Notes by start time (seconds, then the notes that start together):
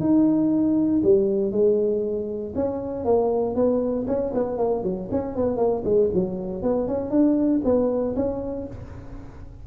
0.00 D#4
1.04 G3
1.52 G#3
2.55 C#4
3.05 A#3
3.55 B3
4.07 C#4
4.34 B3
4.58 A#3
4.83 F#3
5.11 C#4
5.36 B3
5.57 A#3
5.84 G#3
6.14 F#3
6.62 B3
6.88 C#4
7.10 D4
7.65 B3
8.16 C#4